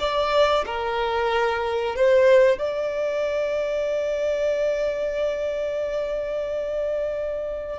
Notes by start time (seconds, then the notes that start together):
0.00 D5
0.66 A#4
1.96 C5
2.59 D5